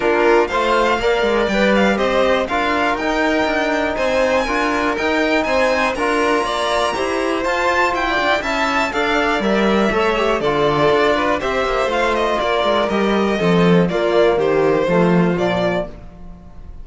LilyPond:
<<
  \new Staff \with { instrumentName = "violin" } { \time 4/4 \tempo 4 = 121 ais'4 f''2 g''8 f''8 | dis''4 f''4 g''2 | gis''2 g''4 gis''4 | ais''2. a''4 |
g''4 a''4 f''4 e''4~ | e''4 d''2 e''4 | f''8 dis''8 d''4 dis''2 | d''4 c''2 d''4 | }
  \new Staff \with { instrumentName = "violin" } { \time 4/4 f'4 c''4 d''2 | c''4 ais'2. | c''4 ais'2 c''4 | ais'4 d''4 c''2~ |
c''16 d''8. e''4 d''2 | cis''4 a'4. b'8 c''4~ | c''4 ais'2 a'4 | f'4 g'4 f'2 | }
  \new Staff \with { instrumentName = "trombone" } { \time 4/4 d'4 f'4 ais'4 b'4 | g'4 f'4 dis'2~ | dis'4 f'4 dis'2 | f'2 g'4 f'4~ |
f'4 e'4 a'4 ais'4 | a'8 g'8 f'2 g'4 | f'2 g'4 c'4 | ais2 a4 f4 | }
  \new Staff \with { instrumentName = "cello" } { \time 4/4 ais4 a4 ais8 gis8 g4 | c'4 d'4 dis'4 d'4 | c'4 d'4 dis'4 c'4 | d'4 ais4 e'4 f'4 |
e'8 d'16 e'16 cis'4 d'4 g4 | a4 d4 d'4 c'8 ais8 | a4 ais8 gis8 g4 f4 | ais4 dis4 f4 ais,4 | }
>>